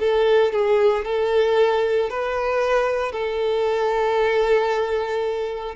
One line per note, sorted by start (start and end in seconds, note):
0.00 0.53 A4
0.53 1.05 G#4
1.05 2.10 A4
2.10 3.12 B4
3.12 5.75 A4